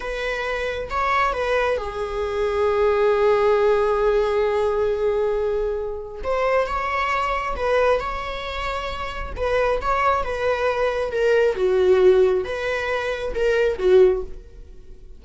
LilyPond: \new Staff \with { instrumentName = "viola" } { \time 4/4 \tempo 4 = 135 b'2 cis''4 b'4 | gis'1~ | gis'1~ | gis'2 c''4 cis''4~ |
cis''4 b'4 cis''2~ | cis''4 b'4 cis''4 b'4~ | b'4 ais'4 fis'2 | b'2 ais'4 fis'4 | }